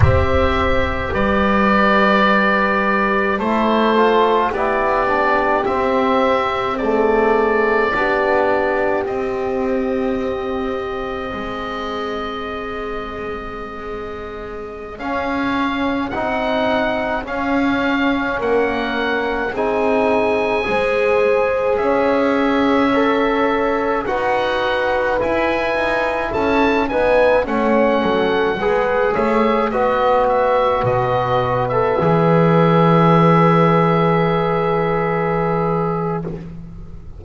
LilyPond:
<<
  \new Staff \with { instrumentName = "oboe" } { \time 4/4 \tempo 4 = 53 e''4 d''2 c''4 | d''4 e''4 d''2 | dis''1~ | dis''4~ dis''16 f''4 fis''4 f''8.~ |
f''16 fis''4 gis''2 e''8.~ | e''4~ e''16 fis''4 gis''4 a''8 gis''16~ | gis''16 fis''4. e''8 dis''8 e''8 dis''8. | e''1 | }
  \new Staff \with { instrumentName = "horn" } { \time 4/4 c''4 b'2 a'4 | g'2 gis'4 g'4~ | g'2 gis'2~ | gis'1~ |
gis'16 ais'4 gis'4 c''4 cis''8.~ | cis''4~ cis''16 b'2 a'8 b'16~ | b'16 cis''8 a'8 b'8 cis''8 b'4.~ b'16~ | b'1 | }
  \new Staff \with { instrumentName = "trombone" } { \time 4/4 g'2. e'8 f'8 | e'8 d'8 c'4 a4 d'4 | c'1~ | c'4~ c'16 cis'4 dis'4 cis'8.~ |
cis'4~ cis'16 dis'4 gis'4.~ gis'16~ | gis'16 a'4 fis'4 e'4. dis'16~ | dis'16 cis'4 gis'4 fis'4.~ fis'16 | a'16 gis'2.~ gis'8. | }
  \new Staff \with { instrumentName = "double bass" } { \time 4/4 c'4 g2 a4 | b4 c'2 b4 | c'2 gis2~ | gis4~ gis16 cis'4 c'4 cis'8.~ |
cis'16 ais4 c'4 gis4 cis'8.~ | cis'4~ cis'16 dis'4 e'8 dis'8 cis'8 b16~ | b16 a8 fis8 gis8 a8 b4 b,8.~ | b,16 e2.~ e8. | }
>>